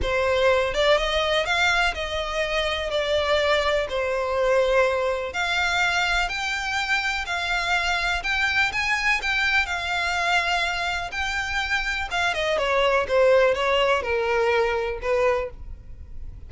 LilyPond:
\new Staff \with { instrumentName = "violin" } { \time 4/4 \tempo 4 = 124 c''4. d''8 dis''4 f''4 | dis''2 d''2 | c''2. f''4~ | f''4 g''2 f''4~ |
f''4 g''4 gis''4 g''4 | f''2. g''4~ | g''4 f''8 dis''8 cis''4 c''4 | cis''4 ais'2 b'4 | }